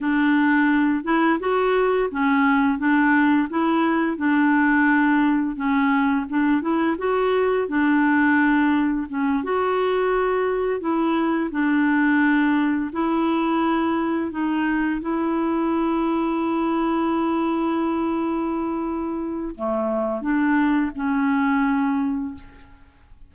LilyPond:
\new Staff \with { instrumentName = "clarinet" } { \time 4/4 \tempo 4 = 86 d'4. e'8 fis'4 cis'4 | d'4 e'4 d'2 | cis'4 d'8 e'8 fis'4 d'4~ | d'4 cis'8 fis'2 e'8~ |
e'8 d'2 e'4.~ | e'8 dis'4 e'2~ e'8~ | e'1 | a4 d'4 cis'2 | }